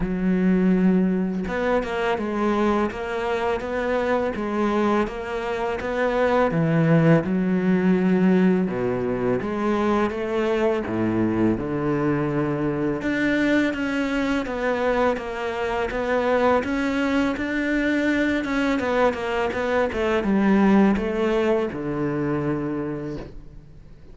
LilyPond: \new Staff \with { instrumentName = "cello" } { \time 4/4 \tempo 4 = 83 fis2 b8 ais8 gis4 | ais4 b4 gis4 ais4 | b4 e4 fis2 | b,4 gis4 a4 a,4 |
d2 d'4 cis'4 | b4 ais4 b4 cis'4 | d'4. cis'8 b8 ais8 b8 a8 | g4 a4 d2 | }